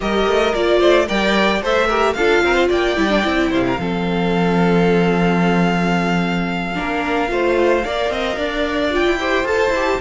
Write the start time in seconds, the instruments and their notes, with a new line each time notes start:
0.00 cello G3, viola G4, violin A#4 D#5
0.27 cello A3
0.54 cello A#3, viola F4, violin D5
0.78 cello A3, violin C5
1.07 cello G3, viola A#4, violin D5 G5
1.61 cello A3, viola A4, violin C5 E5
1.87 viola G4, violin A#4
2.13 cello D4, viola F4, violin A4 F5
2.42 cello C4, violin A#4
2.54 violin C5
2.68 cello A#3, violin D5 G5
2.96 cello G3, viola E4
3.08 viola D4
3.23 cello C4, viola E4
3.49 cello C3, violin C5 F5
3.66 violin A#4
3.79 cello F3, viola C4, violin A4
6.74 cello A#3, viola D4, violin A#4
7.28 cello A3, viola F4, violin C5
7.85 cello A#3, viola A#4, violin D5
8.09 cello C4, violin D#5
8.37 cello D4, violin D5
8.90 viola F4, violin G5
9.05 cello E4
9.19 viola G4, violin C5
9.44 cello F4, viola A4, violin A5
9.69 cello E4, viola G4